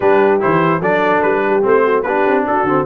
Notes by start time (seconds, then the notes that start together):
0.00 G3 D4 G4 B4
0.39 E3 E4 C5
0.80 F#3 D4 A4 D5
1.22 G3 B4
1.46 G4
1.62 A3 C4 C5
1.84 F#4
2.02 B3 D4 G4 B4
2.26 C4
2.46 D4 F#4 A4
2.63 D3 C4